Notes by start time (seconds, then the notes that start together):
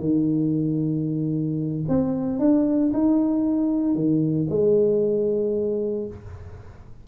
0.00 D#3
1.89 C4
2.39 D4
2.94 D#4
3.95 D#3
4.50 G#3